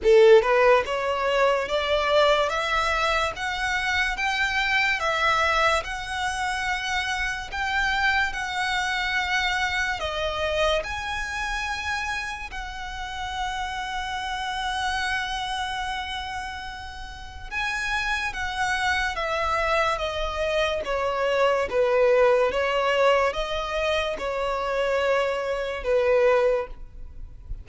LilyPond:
\new Staff \with { instrumentName = "violin" } { \time 4/4 \tempo 4 = 72 a'8 b'8 cis''4 d''4 e''4 | fis''4 g''4 e''4 fis''4~ | fis''4 g''4 fis''2 | dis''4 gis''2 fis''4~ |
fis''1~ | fis''4 gis''4 fis''4 e''4 | dis''4 cis''4 b'4 cis''4 | dis''4 cis''2 b'4 | }